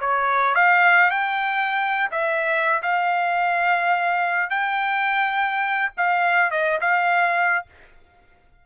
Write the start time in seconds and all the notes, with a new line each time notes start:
0.00 C#5
0.55 F5
1.11 G5
2.11 E5
2.83 F5
4.50 G5
5.97 F5
6.51 D#5
6.81 F5